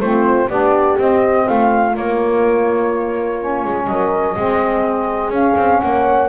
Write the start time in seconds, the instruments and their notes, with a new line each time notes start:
0.00 double bass A3, saxophone C4, horn F4, flute C5
0.49 double bass B3, saxophone D4, horn G4, flute D5
0.98 saxophone C4, double bass C4, flute D#5
1.46 double bass A3, horn F4, flute F5
1.92 saxophone A#3, double bass A#3, flute C#5
3.41 saxophone C#4
3.65 double bass G#3
3.86 double bass F#3, horn A#4, flute D#5
4.36 double bass G#3, saxophone C4, horn G#4
5.30 double bass C#4, saxophone C#4, flute F5
5.57 double bass C4
5.80 double bass A#3, horn C#5, flute F#5